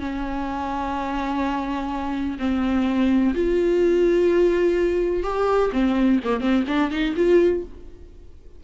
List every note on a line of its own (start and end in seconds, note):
0.00 2.38 C#4
2.39 3.34 C4
3.35 5.24 F4
5.24 5.71 G4
5.73 6.20 C4
6.24 6.41 A#3
6.41 6.65 C4
6.68 6.91 D4
6.91 7.15 D#4
7.16 7.64 F4